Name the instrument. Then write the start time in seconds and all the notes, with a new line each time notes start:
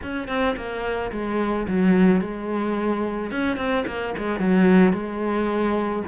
cello
0.02 C#4
0.28 C4
0.56 A#3
1.11 G#3
1.67 F#3
2.20 G#3
3.31 C#4
3.56 C4
3.87 A#3
4.17 G#3
4.39 F#3
4.92 G#3